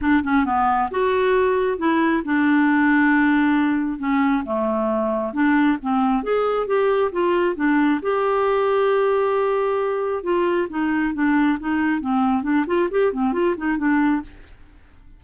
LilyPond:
\new Staff \with { instrumentName = "clarinet" } { \time 4/4 \tempo 4 = 135 d'8 cis'8 b4 fis'2 | e'4 d'2.~ | d'4 cis'4 a2 | d'4 c'4 gis'4 g'4 |
f'4 d'4 g'2~ | g'2. f'4 | dis'4 d'4 dis'4 c'4 | d'8 f'8 g'8 c'8 f'8 dis'8 d'4 | }